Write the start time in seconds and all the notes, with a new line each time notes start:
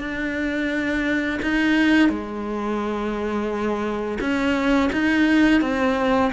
0.00 D4
1.42 D#4
2.09 G#3
4.20 C#4
4.92 D#4
5.61 C4